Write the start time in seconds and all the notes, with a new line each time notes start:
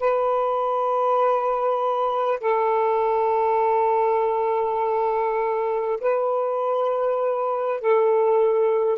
0.00 B4
2.40 A4
6.01 B4
7.81 A4